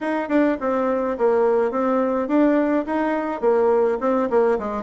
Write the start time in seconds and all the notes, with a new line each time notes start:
0.00 D#4
0.28 D4
0.60 C4
1.18 A#3
1.71 C4
2.28 D4
2.86 D#4
3.40 A#3
4.00 C4
4.29 A#3
4.58 G#3